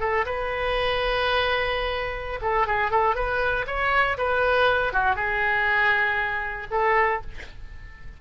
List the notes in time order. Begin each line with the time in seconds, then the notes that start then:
0.00 A4
0.25 B4
2.42 A4
2.67 G#4
2.91 A4
3.15 B4
3.67 C#5
4.17 B4
4.93 F#4
5.15 G#4
6.71 A4